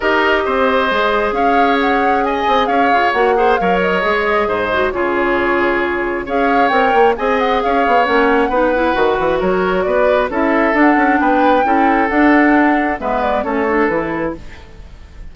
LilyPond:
<<
  \new Staff \with { instrumentName = "flute" } { \time 4/4 \tempo 4 = 134 dis''2. f''4 | fis''4 gis''4 f''4 fis''4 | f''8 dis''2~ dis''8 cis''4~ | cis''2 f''4 g''4 |
gis''8 fis''8 f''4 fis''2~ | fis''4 cis''4 d''4 e''4 | fis''4 g''2 fis''4~ | fis''4 e''8 d''8 cis''4 b'4 | }
  \new Staff \with { instrumentName = "oboe" } { \time 4/4 ais'4 c''2 cis''4~ | cis''4 dis''4 cis''4. c''8 | cis''2 c''4 gis'4~ | gis'2 cis''2 |
dis''4 cis''2 b'4~ | b'4 ais'4 b'4 a'4~ | a'4 b'4 a'2~ | a'4 b'4 a'2 | }
  \new Staff \with { instrumentName = "clarinet" } { \time 4/4 g'2 gis'2~ | gis'2. fis'8 gis'8 | ais'4 gis'4. fis'8 f'4~ | f'2 gis'4 ais'4 |
gis'2 cis'4 dis'8 e'8 | fis'2. e'4 | d'2 e'4 d'4~ | d'4 b4 cis'8 d'8 e'4 | }
  \new Staff \with { instrumentName = "bassoon" } { \time 4/4 dis'4 c'4 gis4 cis'4~ | cis'4. c'8 cis'8 f'8 ais4 | fis4 gis4 gis,4 cis4~ | cis2 cis'4 c'8 ais8 |
c'4 cis'8 b8 ais4 b4 | dis8 e8 fis4 b4 cis'4 | d'8 cis'8 b4 cis'4 d'4~ | d'4 gis4 a4 e4 | }
>>